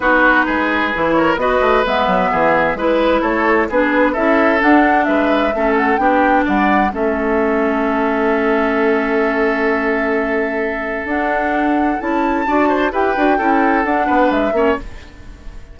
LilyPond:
<<
  \new Staff \with { instrumentName = "flute" } { \time 4/4 \tempo 4 = 130 b'2~ b'8 cis''8 dis''4 | e''2 b'4 cis''4 | b'4 e''4 fis''4 e''4~ | e''8 fis''8 g''4 fis''4 e''4~ |
e''1~ | e''1 | fis''2 a''2 | g''2 fis''4 e''4 | }
  \new Staff \with { instrumentName = "oboe" } { \time 4/4 fis'4 gis'4. ais'8 b'4~ | b'4 gis'4 b'4 a'4 | gis'4 a'2 b'4 | a'4 g'4 d''4 a'4~ |
a'1~ | a'1~ | a'2. d''8 c''8 | b'4 a'4. b'4 cis''8 | }
  \new Staff \with { instrumentName = "clarinet" } { \time 4/4 dis'2 e'4 fis'4 | b2 e'2 | d'4 e'4 d'2 | cis'4 d'2 cis'4~ |
cis'1~ | cis'1 | d'2 e'4 fis'4 | g'8 fis'8 e'4 d'4. cis'8 | }
  \new Staff \with { instrumentName = "bassoon" } { \time 4/4 b4 gis4 e4 b8 a8 | gis8 fis8 e4 gis4 a4 | b4 cis'4 d'4 gis4 | a4 b4 g4 a4~ |
a1~ | a1 | d'2 cis'4 d'4 | e'8 d'8 cis'4 d'8 b8 gis8 ais8 | }
>>